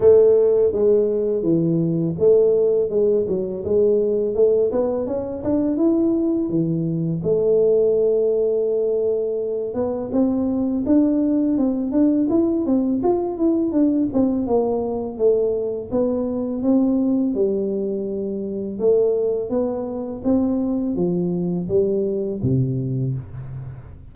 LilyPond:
\new Staff \with { instrumentName = "tuba" } { \time 4/4 \tempo 4 = 83 a4 gis4 e4 a4 | gis8 fis8 gis4 a8 b8 cis'8 d'8 | e'4 e4 a2~ | a4. b8 c'4 d'4 |
c'8 d'8 e'8 c'8 f'8 e'8 d'8 c'8 | ais4 a4 b4 c'4 | g2 a4 b4 | c'4 f4 g4 c4 | }